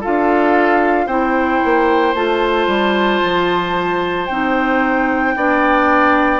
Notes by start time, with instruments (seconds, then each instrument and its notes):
0.00 bassoon D4, clarinet F4, oboe A4, flute F5
1.06 bassoon C4, clarinet E4, oboe C5, flute G5
1.64 bassoon A#3
2.14 bassoon A3, clarinet F4, flute A5
2.67 bassoon G3
3.24 bassoon F3
4.26 bassoon C4, clarinet D#4, flute G5
5.36 bassoon B3, clarinet D4, oboe D5